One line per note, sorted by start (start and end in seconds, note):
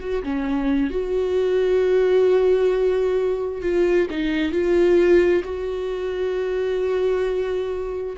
0.00 0.23 F#4
0.23 0.90 C#4
0.90 3.62 F#4
3.62 4.07 F4
4.10 4.52 D#4
4.52 5.43 F4
5.44 8.17 F#4